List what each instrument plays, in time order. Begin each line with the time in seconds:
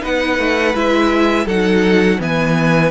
0.00 cello B3, viola D#4, violin B4 F#5
0.38 cello A3
0.74 cello G#3, viola E4, violin E5
1.45 cello F#3, viola D#4, violin A4 F#5
2.18 cello E3, viola B3, violin B4 G#5